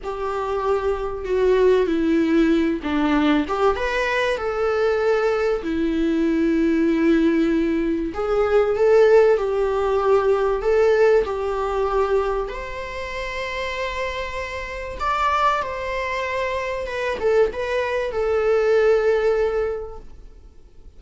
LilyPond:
\new Staff \with { instrumentName = "viola" } { \time 4/4 \tempo 4 = 96 g'2 fis'4 e'4~ | e'8 d'4 g'8 b'4 a'4~ | a'4 e'2.~ | e'4 gis'4 a'4 g'4~ |
g'4 a'4 g'2 | c''1 | d''4 c''2 b'8 a'8 | b'4 a'2. | }